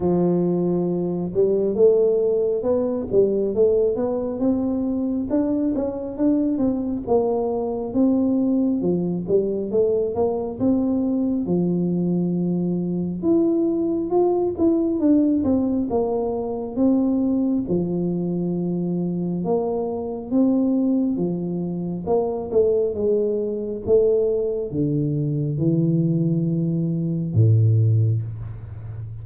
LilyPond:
\new Staff \with { instrumentName = "tuba" } { \time 4/4 \tempo 4 = 68 f4. g8 a4 b8 g8 | a8 b8 c'4 d'8 cis'8 d'8 c'8 | ais4 c'4 f8 g8 a8 ais8 | c'4 f2 e'4 |
f'8 e'8 d'8 c'8 ais4 c'4 | f2 ais4 c'4 | f4 ais8 a8 gis4 a4 | d4 e2 a,4 | }